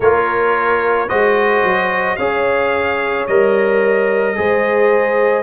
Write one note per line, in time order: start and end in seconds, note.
0.00 1.09 A#3
0.00 1.08 F4
0.00 1.07 A#4
0.00 1.08 C#5
1.07 1.63 G#3
1.07 2.17 F#4
1.07 2.17 C5
1.07 2.16 D#5
1.63 2.18 F#3
2.16 3.27 C#4
2.16 3.28 G#4
2.16 4.36 C#5
2.16 3.25 F5
3.27 4.37 G3
3.27 4.35 A#4
3.27 5.42 D#5
4.35 5.42 G#3
4.35 5.42 G#4
4.35 5.42 C5